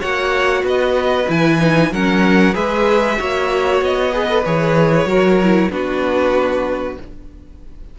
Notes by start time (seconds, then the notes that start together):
0.00 A#3 F#4 C#5 F#5
0.63 B3 B4 D#5
1.28 E3 E4 G#5
1.59 D#4
1.91 F#3 C#4 A#4 F#5
2.53 G#3 G#4 B4 E5
3.18 A#3 F#4 C#5
3.81 B3 D#5
4.13 G#4 B4
4.29 A4
4.45 E3 G#4 C#5
5.06 F#3 F#4 A#4
5.43 E4
5.71 B3 D4 F#4 B4